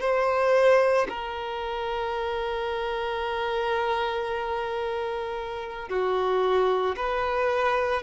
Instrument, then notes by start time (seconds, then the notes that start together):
violin
0.00 C5
1.09 A#4
5.89 F#4
6.96 B4